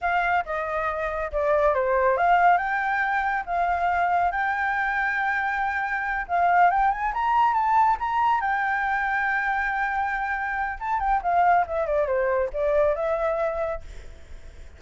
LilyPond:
\new Staff \with { instrumentName = "flute" } { \time 4/4 \tempo 4 = 139 f''4 dis''2 d''4 | c''4 f''4 g''2 | f''2 g''2~ | g''2~ g''8 f''4 g''8 |
gis''8 ais''4 a''4 ais''4 g''8~ | g''1~ | g''4 a''8 g''8 f''4 e''8 d''8 | c''4 d''4 e''2 | }